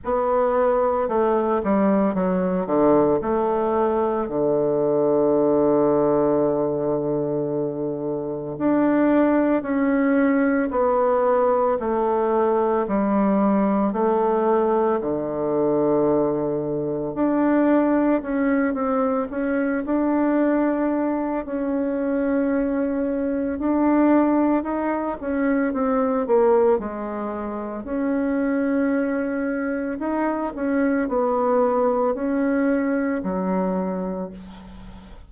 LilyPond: \new Staff \with { instrumentName = "bassoon" } { \time 4/4 \tempo 4 = 56 b4 a8 g8 fis8 d8 a4 | d1 | d'4 cis'4 b4 a4 | g4 a4 d2 |
d'4 cis'8 c'8 cis'8 d'4. | cis'2 d'4 dis'8 cis'8 | c'8 ais8 gis4 cis'2 | dis'8 cis'8 b4 cis'4 fis4 | }